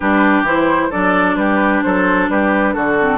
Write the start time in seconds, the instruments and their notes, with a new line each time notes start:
0.00 bassoon G3, clarinet D4, oboe G4, flute B4
0.42 bassoon E3, clarinet E4, flute C5
0.90 bassoon F#3, clarinet D4, oboe A4, flute D5
1.36 bassoon G3, oboe G4, flute B4
1.82 bassoon F#3, oboe A4, flute C5
2.28 bassoon G3, oboe G4, flute B4
2.74 bassoon D3, oboe F#4, flute A4
3.00 clarinet C4